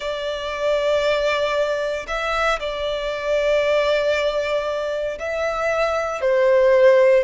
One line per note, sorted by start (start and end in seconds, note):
0.00 2.06 D5
2.07 2.59 E5
2.59 5.18 D5
5.18 6.21 E5
6.21 7.24 C5